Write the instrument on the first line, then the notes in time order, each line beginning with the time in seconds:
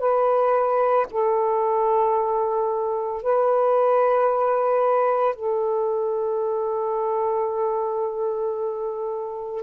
saxophone
0.00 B4
1.11 A4
3.23 B4
5.35 A4